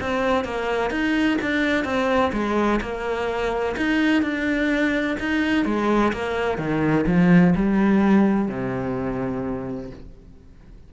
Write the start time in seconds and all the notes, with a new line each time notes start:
0.00 C4
0.44 A#3
0.90 D#4
1.42 D4
1.84 C4
2.32 G#3
2.81 A#3
3.76 D#4
4.22 D4
5.19 D#4
5.65 G#3
6.13 A#3
6.58 D#3
7.07 F3
7.55 G3
8.48 C3